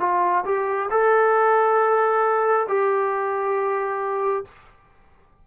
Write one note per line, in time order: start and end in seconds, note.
0.00 0.44 F4
0.45 0.89 G4
0.91 2.68 A4
2.69 4.45 G4